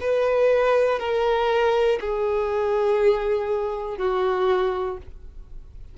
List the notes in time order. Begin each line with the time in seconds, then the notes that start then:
0.00 B4
0.99 A#4
2.00 G#4
3.97 F#4